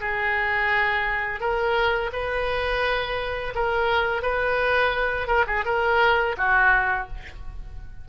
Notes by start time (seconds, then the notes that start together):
0.00 G#4
1.40 A#4
2.12 B4
3.55 A#4
4.22 B4
5.27 A#4
5.46 G#4
5.65 A#4
6.37 F#4